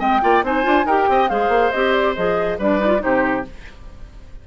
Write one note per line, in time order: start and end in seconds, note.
0.00 0.22 G#3
0.00 0.22 C4
0.00 0.21 D#5
0.00 0.44 G5
0.22 0.43 A#3
0.22 0.44 F4
0.22 0.45 D5
0.43 0.65 C4
0.43 0.63 D#4
0.43 0.86 C5
0.43 0.88 G#5
0.63 0.85 D4
0.63 0.85 F4
0.85 1.07 D#4
0.85 1.29 G4
0.85 1.08 A#4
0.85 1.29 G5
1.10 1.31 C4
1.10 1.31 D#5
1.29 1.49 G#3
1.29 1.72 G#4
1.29 2.59 C5
1.29 1.72 F5
1.49 1.70 A#3
1.72 2.17 C4
1.72 2.17 G4
1.72 1.93 D#5
1.93 2.14 D5
2.16 2.59 F3
2.16 2.59 G#4
2.16 2.59 D#5
2.59 3.02 G3
2.59 2.80 D4
2.59 3.02 B4
2.59 3.03 D5
2.80 2.88 D#4
2.88 2.98 F4
3.00 3.48 C3
3.00 3.43 D#4
3.00 3.47 G4
3.00 3.46 C5